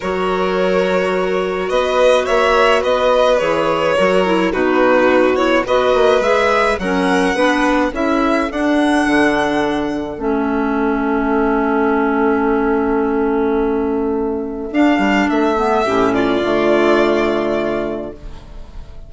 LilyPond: <<
  \new Staff \with { instrumentName = "violin" } { \time 4/4 \tempo 4 = 106 cis''2. dis''4 | e''4 dis''4 cis''2 | b'4. cis''8 dis''4 e''4 | fis''2 e''4 fis''4~ |
fis''2 e''2~ | e''1~ | e''2 f''4 e''4~ | e''8 d''2.~ d''8 | }
  \new Staff \with { instrumentName = "violin" } { \time 4/4 ais'2. b'4 | cis''4 b'2 ais'4 | fis'2 b'2 | ais'4 b'4 a'2~ |
a'1~ | a'1~ | a'1 | g'8 f'2.~ f'8 | }
  \new Staff \with { instrumentName = "clarinet" } { \time 4/4 fis'1~ | fis'2 gis'4 fis'8 e'8 | dis'4. e'8 fis'4 gis'4 | cis'4 d'4 e'4 d'4~ |
d'2 cis'2~ | cis'1~ | cis'2 d'4. b8 | cis'4 a2. | }
  \new Staff \with { instrumentName = "bassoon" } { \time 4/4 fis2. b4 | ais4 b4 e4 fis4 | b,2 b8 ais8 gis4 | fis4 b4 cis'4 d'4 |
d2 a2~ | a1~ | a2 d'8 g8 a4 | a,4 d2. | }
>>